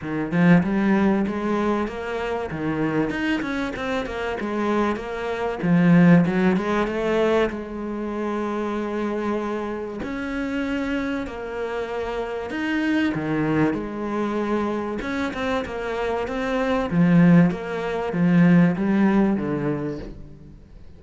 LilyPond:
\new Staff \with { instrumentName = "cello" } { \time 4/4 \tempo 4 = 96 dis8 f8 g4 gis4 ais4 | dis4 dis'8 cis'8 c'8 ais8 gis4 | ais4 f4 fis8 gis8 a4 | gis1 |
cis'2 ais2 | dis'4 dis4 gis2 | cis'8 c'8 ais4 c'4 f4 | ais4 f4 g4 d4 | }